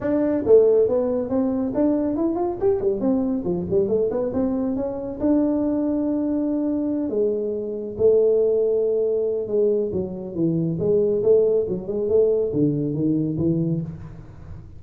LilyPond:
\new Staff \with { instrumentName = "tuba" } { \time 4/4 \tempo 4 = 139 d'4 a4 b4 c'4 | d'4 e'8 f'8 g'8 g8 c'4 | f8 g8 a8 b8 c'4 cis'4 | d'1~ |
d'8 gis2 a4.~ | a2 gis4 fis4 | e4 gis4 a4 fis8 gis8 | a4 d4 dis4 e4 | }